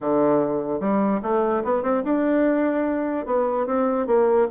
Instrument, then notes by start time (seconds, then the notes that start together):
bassoon
0.00 D3
0.80 G3
1.22 A3
1.64 B3
1.82 C4
2.03 D4
3.26 B3
3.66 C4
4.06 A#3